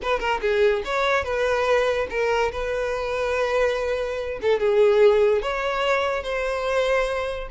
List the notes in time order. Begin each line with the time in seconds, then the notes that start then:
0.02 B4
0.19 A#4
0.41 G#4
0.84 C#5
1.24 B4
2.09 A#4
2.52 B4
4.41 A4
4.59 G#4
5.41 C#5
6.23 C5